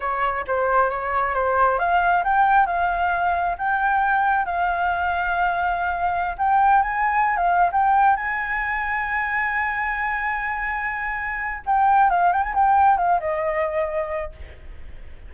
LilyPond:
\new Staff \with { instrumentName = "flute" } { \time 4/4 \tempo 4 = 134 cis''4 c''4 cis''4 c''4 | f''4 g''4 f''2 | g''2 f''2~ | f''2~ f''16 g''4 gis''8.~ |
gis''8 f''8. g''4 gis''4.~ gis''16~ | gis''1~ | gis''2 g''4 f''8 g''16 gis''16 | g''4 f''8 dis''2~ dis''8 | }